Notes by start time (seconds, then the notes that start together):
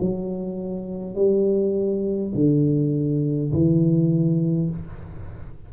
0.00 F#3
1.15 G3
2.35 D3
3.52 E3